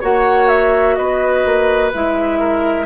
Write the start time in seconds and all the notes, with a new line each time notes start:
0.00 A#3 F#4 C#5 F#5
0.48 E5
0.95 B3 B4 D#5
1.45 A#3
1.93 G#3 E4 E5
2.39 A#4